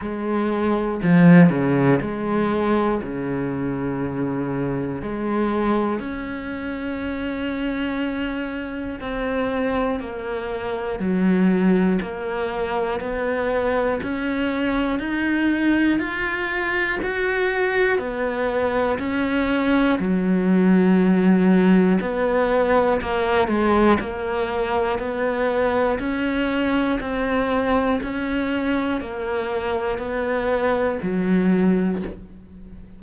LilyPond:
\new Staff \with { instrumentName = "cello" } { \time 4/4 \tempo 4 = 60 gis4 f8 cis8 gis4 cis4~ | cis4 gis4 cis'2~ | cis'4 c'4 ais4 fis4 | ais4 b4 cis'4 dis'4 |
f'4 fis'4 b4 cis'4 | fis2 b4 ais8 gis8 | ais4 b4 cis'4 c'4 | cis'4 ais4 b4 fis4 | }